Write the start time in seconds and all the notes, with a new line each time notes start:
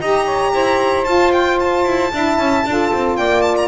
0.00 D#4 G4 D#5 A#5
0.25 C#5
0.54 E4 C5
1.04 F4 A5
1.32 G5
1.60 A5
1.86 E4
2.12 D4 E4 E5
2.38 C#4
2.65 D4 F4 A4
2.93 C4
3.16 A#3 D5 G5
3.42 A5
3.56 A#5